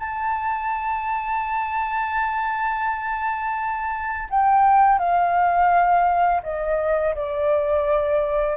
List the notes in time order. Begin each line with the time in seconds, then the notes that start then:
0.00 A5
4.31 G5
4.99 F5
6.44 D#5
7.16 D5